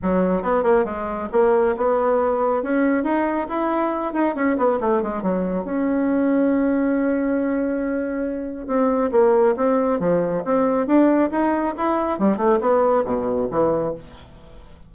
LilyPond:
\new Staff \with { instrumentName = "bassoon" } { \time 4/4 \tempo 4 = 138 fis4 b8 ais8 gis4 ais4 | b2 cis'4 dis'4 | e'4. dis'8 cis'8 b8 a8 gis8 | fis4 cis'2.~ |
cis'1 | c'4 ais4 c'4 f4 | c'4 d'4 dis'4 e'4 | g8 a8 b4 b,4 e4 | }